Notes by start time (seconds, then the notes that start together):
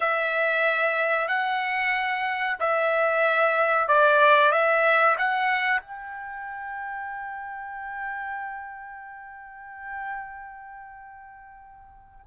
0.00 E5
1.28 F#5
2.59 E5
3.88 D5
4.51 E5
5.18 F#5
5.80 G5